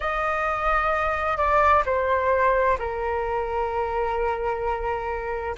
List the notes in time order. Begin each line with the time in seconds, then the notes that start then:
0.00 D#5
1.37 D5
1.85 C5
2.79 A#4